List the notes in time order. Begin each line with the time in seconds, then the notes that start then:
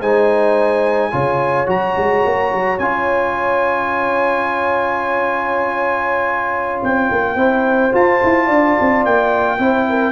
0.00 G#3 D#4 C5 G#5
1.11 C#3 F4 C#5
1.66 F#3 F#4 A#5
1.97 G#3
2.25 A#3
2.52 F#3
2.78 C#4 F4 G#5
6.83 C4 G5
7.11 A#3
7.35 C4 E4 C5
7.91 F4 A5
8.23 E4
8.46 D4 D5
8.80 C4
9.05 A#3 G5
9.58 C4 E4 C5
9.89 A#4